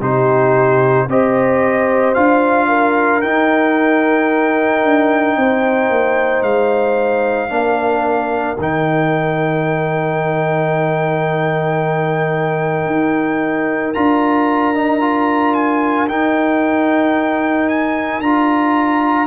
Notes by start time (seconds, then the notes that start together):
0.00 C3 D#4 G4 C5
1.07 C4 G4 C5 D#5
2.14 D4 F4 F5
2.68 A#4
3.21 D#4 G5
4.83 D4
5.36 C4 C5
5.89 A#3
6.42 G#3 F5
7.49 A#3 D4
7.55 A#4
8.58 D#3 D#4 G5
12.86 D#4
13.93 D4 F4 A#5
14.74 D#4
15.00 F4
15.54 G#5
16.08 D#4 G5
17.69 G#5
18.20 D4 F4 A#5